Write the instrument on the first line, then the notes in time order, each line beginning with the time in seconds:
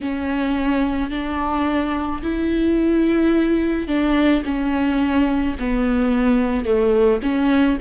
viola
0.01 C#4
1.10 D4
2.22 E4
3.87 D4
4.44 C#4
5.59 B3
6.65 A3
7.22 C#4